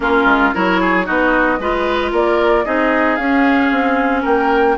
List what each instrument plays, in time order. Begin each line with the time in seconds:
0.00 bassoon A#3, clarinet C#4, oboe F4, flute A#4
0.25 bassoon G#3
0.53 bassoon F#3, clarinet E4, oboe A#4, flute C#5
0.81 oboe G#4
1.04 bassoon B3, clarinet D#4, oboe F#4, flute D#5
1.59 bassoon G#3, clarinet F4, oboe B4
2.11 bassoon A#3, oboe A#4, flute D5
2.65 bassoon C4, clarinet D#4, oboe G#4, flute D#5
3.16 bassoon C#4, clarinet C#4, flute F5
3.71 bassoon C4
4.22 bassoon A#3, oboe A#4, flute G5